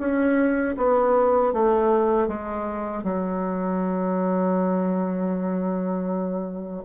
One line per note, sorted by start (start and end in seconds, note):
0.00 0.76 C#4
0.78 1.53 B3
1.53 2.28 A3
2.28 3.04 G#3
3.04 6.84 F#3